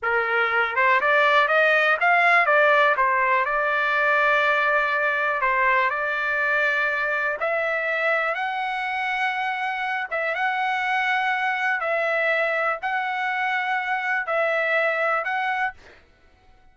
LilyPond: \new Staff \with { instrumentName = "trumpet" } { \time 4/4 \tempo 4 = 122 ais'4. c''8 d''4 dis''4 | f''4 d''4 c''4 d''4~ | d''2. c''4 | d''2. e''4~ |
e''4 fis''2.~ | fis''8 e''8 fis''2. | e''2 fis''2~ | fis''4 e''2 fis''4 | }